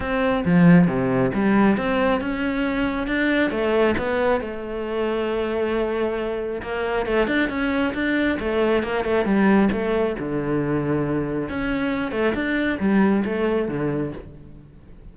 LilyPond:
\new Staff \with { instrumentName = "cello" } { \time 4/4 \tempo 4 = 136 c'4 f4 c4 g4 | c'4 cis'2 d'4 | a4 b4 a2~ | a2. ais4 |
a8 d'8 cis'4 d'4 a4 | ais8 a8 g4 a4 d4~ | d2 cis'4. a8 | d'4 g4 a4 d4 | }